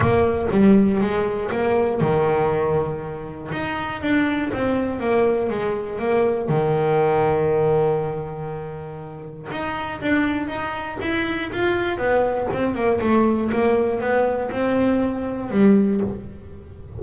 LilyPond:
\new Staff \with { instrumentName = "double bass" } { \time 4/4 \tempo 4 = 120 ais4 g4 gis4 ais4 | dis2. dis'4 | d'4 c'4 ais4 gis4 | ais4 dis2.~ |
dis2. dis'4 | d'4 dis'4 e'4 f'4 | b4 c'8 ais8 a4 ais4 | b4 c'2 g4 | }